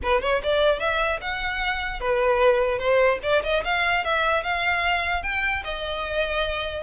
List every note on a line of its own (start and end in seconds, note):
0.03 0.21 B4
0.21 0.41 C#5
0.43 0.79 D5
0.79 1.20 E5
1.21 2.00 F#5
2.00 2.78 B4
2.78 3.18 C5
3.22 3.42 D5
3.43 3.63 D#5
3.64 4.04 F5
4.04 4.43 E5
4.43 5.23 F5
5.23 5.63 G5
5.64 6.83 D#5